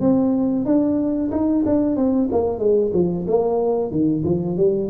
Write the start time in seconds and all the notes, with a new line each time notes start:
0.00 C4
0.65 D4
1.31 D#4
1.65 D4
1.96 C4
2.32 A#3
2.58 G#3
2.93 F3
3.27 A#3
3.91 D#3
4.24 F3
4.57 G3